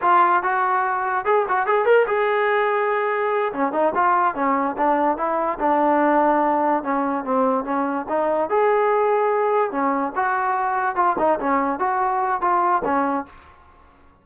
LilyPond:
\new Staff \with { instrumentName = "trombone" } { \time 4/4 \tempo 4 = 145 f'4 fis'2 gis'8 fis'8 | gis'8 ais'8 gis'2.~ | gis'8 cis'8 dis'8 f'4 cis'4 d'8~ | d'8 e'4 d'2~ d'8~ |
d'8 cis'4 c'4 cis'4 dis'8~ | dis'8 gis'2. cis'8~ | cis'8 fis'2 f'8 dis'8 cis'8~ | cis'8 fis'4. f'4 cis'4 | }